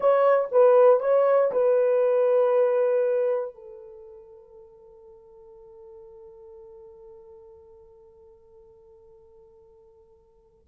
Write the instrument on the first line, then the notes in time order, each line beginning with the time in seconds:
horn
0.00 C#5
0.51 B4
1.00 C#5
1.51 B4
3.54 A4